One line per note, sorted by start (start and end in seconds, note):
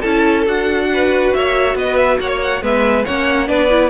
0.00 0.46 C#4
0.00 0.46 E4
0.00 0.86 A4
0.00 0.44 A5
0.46 1.33 D4
0.46 2.61 F#4
0.46 1.33 F#5
0.93 1.36 B4
1.33 1.74 A#3
1.33 1.76 C#5
1.33 1.76 E5
1.74 2.17 B3
1.74 2.19 B4
1.74 1.96 D#5
1.96 2.17 E5
2.19 2.61 A#3
2.19 2.62 C#5
2.19 2.28 F#5
2.28 2.39 C#5
2.41 2.63 F#5
2.61 3.04 G#3
2.61 3.04 B3
2.61 3.05 B4
2.61 3.04 E5
3.04 3.49 A#3
3.04 3.47 C#4
3.04 3.47 C#5
3.04 3.47 F#5
3.47 3.89 B3
3.47 3.68 D4
3.47 3.89 B4
3.47 3.89 D5
3.70 3.89 E4